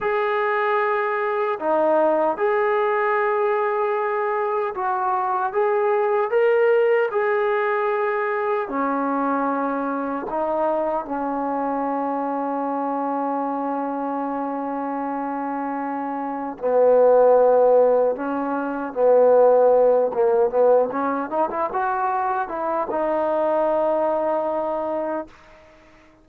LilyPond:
\new Staff \with { instrumentName = "trombone" } { \time 4/4 \tempo 4 = 76 gis'2 dis'4 gis'4~ | gis'2 fis'4 gis'4 | ais'4 gis'2 cis'4~ | cis'4 dis'4 cis'2~ |
cis'1~ | cis'4 b2 cis'4 | b4. ais8 b8 cis'8 dis'16 e'16 fis'8~ | fis'8 e'8 dis'2. | }